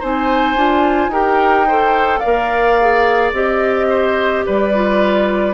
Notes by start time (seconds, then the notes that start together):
0.00 C4 D#4 C5 G#5
0.56 D4 F4
1.08 D#4 G4 A#4 G5
1.67 A4 C5
2.19 A#4 D5 F5
2.25 A#3
2.81 G#4
3.32 C4 G4 D#5
3.90 C5
4.46 G3 B4 D5
4.75 F4